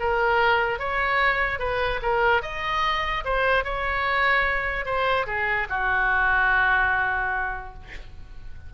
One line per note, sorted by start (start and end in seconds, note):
0.00 0.79 A#4
0.79 1.60 C#5
1.60 2.00 B4
2.02 2.42 A#4
2.42 3.24 D#5
3.25 3.65 C5
3.65 4.86 C#5
4.86 5.27 C5
5.27 5.68 G#4
5.70 7.74 F#4